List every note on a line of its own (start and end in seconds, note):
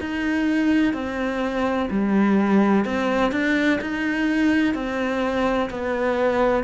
0.00 0.94 D#4
0.94 1.89 C4
1.90 2.84 G3
2.84 3.32 C4
3.32 3.79 D4
3.81 4.74 D#4
4.74 5.69 C4
5.70 6.64 B3